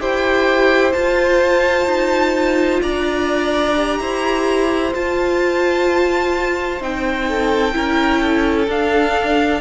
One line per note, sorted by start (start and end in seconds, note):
0.00 0.94 E4
0.00 0.94 G4
0.00 2.82 C5
0.00 0.93 G5
0.93 3.75 F4
0.93 1.87 F4
0.93 2.80 A5
1.87 2.80 D#4
2.82 4.00 D4
2.82 4.00 D5
2.82 4.93 A#5
3.76 4.93 G4
4.00 4.93 E4
4.00 7.28 C5
4.93 6.80 F4
4.93 6.81 F4
4.93 6.83 A5
6.81 7.75 C4
6.81 7.73 D#4
6.81 8.71 G5
7.28 7.75 A4
7.73 8.68 C#4
7.73 8.67 E4
7.73 8.21 A#4
8.21 9.62 A4
8.68 9.62 D4
8.68 9.62 F5